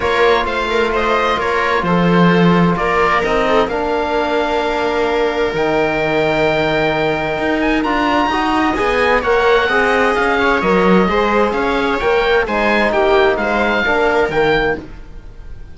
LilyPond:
<<
  \new Staff \with { instrumentName = "oboe" } { \time 4/4 \tempo 4 = 130 cis''4 f''4 dis''4 cis''4 | c''2 d''4 dis''4 | f''1 | g''1~ |
g''8 gis''8 ais''2 gis''4 | fis''2 f''4 dis''4~ | dis''4 f''4 g''4 gis''4 | g''4 f''2 g''4 | }
  \new Staff \with { instrumentName = "viola" } { \time 4/4 ais'4 c''8 ais'8 c''4 ais'4 | a'2 ais'4. a'8 | ais'1~ | ais'1~ |
ais'2 dis''2 | cis''4 dis''4. cis''4. | c''4 cis''2 c''4 | g'4 c''4 ais'2 | }
  \new Staff \with { instrumentName = "trombone" } { \time 4/4 f'1~ | f'2. dis'4 | d'1 | dis'1~ |
dis'4 f'4 fis'4 gis'4 | ais'4 gis'2 ais'4 | gis'2 ais'4 dis'4~ | dis'2 d'4 ais4 | }
  \new Staff \with { instrumentName = "cello" } { \time 4/4 ais4 a2 ais4 | f2 ais4 c'4 | ais1 | dis1 |
dis'4 d'4 dis'4 b4 | ais4 c'4 cis'4 fis4 | gis4 cis'4 ais4 gis4 | ais4 gis4 ais4 dis4 | }
>>